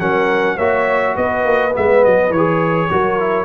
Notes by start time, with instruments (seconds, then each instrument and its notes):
0.00 tuba F#3, trombone C#4, horn A#4, trumpet F#5
0.56 tuba A#3, trombone F#4, horn C#5, trumpet E5
1.15 tuba B3, horn B4, trumpet D#5
1.45 tuba A#3
1.71 tuba G#3, trombone B3, trumpet E5
2.04 tuba F#3, trumpet D#5
2.30 tuba E3, trumpet C#5
2.36 trombone G#4
2.90 tuba F#3, trombone F#4, horn A#4
3.19 trombone E4